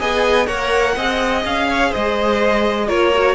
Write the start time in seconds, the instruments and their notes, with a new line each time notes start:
0.00 cello B3, viola G#4, violin D#5 G#5
0.46 cello A#3, viola A#4, violin C#5 F#5
0.95 cello C4, viola G#4, violin D#5
1.45 cello C#4, violin F5
1.68 violin C#5
1.89 violin C5 D#5
1.95 cello G#3
2.88 cello A#3, viola F4, violin A#4 C#5
3.14 viola F#4